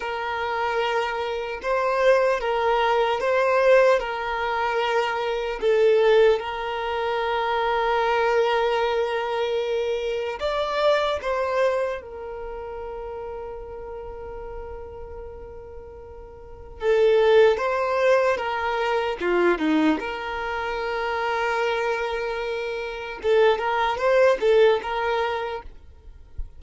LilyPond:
\new Staff \with { instrumentName = "violin" } { \time 4/4 \tempo 4 = 75 ais'2 c''4 ais'4 | c''4 ais'2 a'4 | ais'1~ | ais'4 d''4 c''4 ais'4~ |
ais'1~ | ais'4 a'4 c''4 ais'4 | f'8 dis'8 ais'2.~ | ais'4 a'8 ais'8 c''8 a'8 ais'4 | }